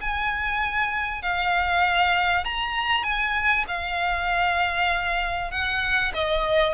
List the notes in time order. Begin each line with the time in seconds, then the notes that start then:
0.00 G#5
1.22 F5
2.44 A#5
3.03 G#5
3.68 F5
5.50 F#5
6.13 D#5